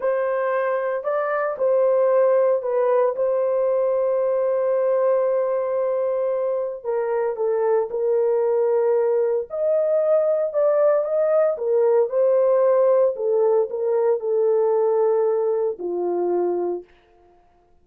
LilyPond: \new Staff \with { instrumentName = "horn" } { \time 4/4 \tempo 4 = 114 c''2 d''4 c''4~ | c''4 b'4 c''2~ | c''1~ | c''4 ais'4 a'4 ais'4~ |
ais'2 dis''2 | d''4 dis''4 ais'4 c''4~ | c''4 a'4 ais'4 a'4~ | a'2 f'2 | }